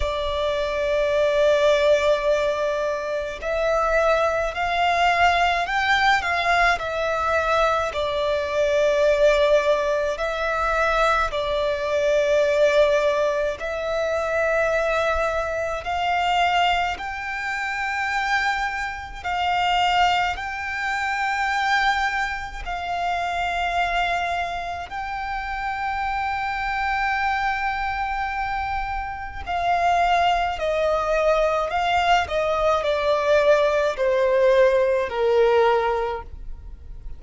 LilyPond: \new Staff \with { instrumentName = "violin" } { \time 4/4 \tempo 4 = 53 d''2. e''4 | f''4 g''8 f''8 e''4 d''4~ | d''4 e''4 d''2 | e''2 f''4 g''4~ |
g''4 f''4 g''2 | f''2 g''2~ | g''2 f''4 dis''4 | f''8 dis''8 d''4 c''4 ais'4 | }